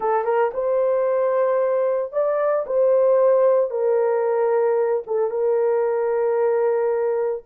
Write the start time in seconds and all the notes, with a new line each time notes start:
0.00 A4
0.24 A#4
0.53 C5
2.12 D5
2.66 C5
3.70 A#4
5.06 A4
5.30 A#4